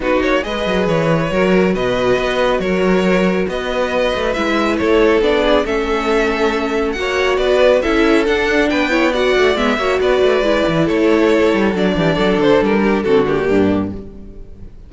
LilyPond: <<
  \new Staff \with { instrumentName = "violin" } { \time 4/4 \tempo 4 = 138 b'8 cis''8 dis''4 cis''2 | dis''2 cis''2 | dis''2 e''4 cis''4 | d''4 e''2. |
fis''4 d''4 e''4 fis''4 | g''4 fis''4 e''4 d''4~ | d''4 cis''2 d''4~ | d''8 c''8 ais'4 a'8 g'4. | }
  \new Staff \with { instrumentName = "violin" } { \time 4/4 fis'4 b'2 ais'4 | b'2 ais'2 | b'2. a'4~ | a'8 gis'8 a'2. |
cis''4 b'4 a'2 | b'8 cis''8 d''4. cis''8 b'4~ | b'4 a'2~ a'8 g'8 | a'4. g'8 fis'4 d'4 | }
  \new Staff \with { instrumentName = "viola" } { \time 4/4 dis'4 gis'2 fis'4~ | fis'1~ | fis'2 e'2 | d'4 cis'2. |
fis'2 e'4 d'4~ | d'8 e'8 fis'4 b8 fis'4. | e'2. d'4~ | d'2 c'8 ais4. | }
  \new Staff \with { instrumentName = "cello" } { \time 4/4 b8 ais8 gis8 fis8 e4 fis4 | b,4 b4 fis2 | b4. a8 gis4 a4 | b4 a2. |
ais4 b4 cis'4 d'4 | b4. a8 gis8 ais8 b8 a8 | gis8 e8 a4. g8 fis8 e8 | fis8 d8 g4 d4 g,4 | }
>>